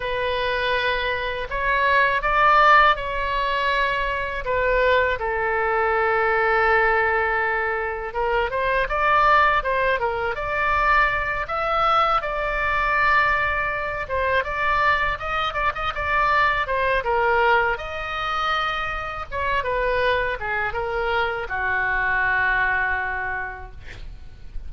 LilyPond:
\new Staff \with { instrumentName = "oboe" } { \time 4/4 \tempo 4 = 81 b'2 cis''4 d''4 | cis''2 b'4 a'4~ | a'2. ais'8 c''8 | d''4 c''8 ais'8 d''4. e''8~ |
e''8 d''2~ d''8 c''8 d''8~ | d''8 dis''8 d''16 dis''16 d''4 c''8 ais'4 | dis''2 cis''8 b'4 gis'8 | ais'4 fis'2. | }